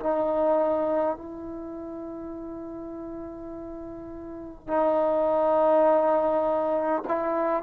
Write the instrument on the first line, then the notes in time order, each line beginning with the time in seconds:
trombone
0.00 D#4
1.17 E4
4.68 D#4
7.09 E4